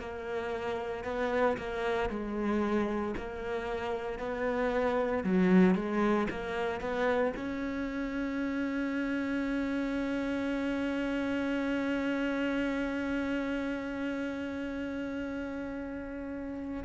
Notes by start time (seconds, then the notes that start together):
0.00 A#3
1.05 B3
1.58 A#3
2.10 G#3
3.18 A#3
4.20 B3
5.24 F#3
5.75 G#3
6.31 A#3
6.81 B3
7.37 C#4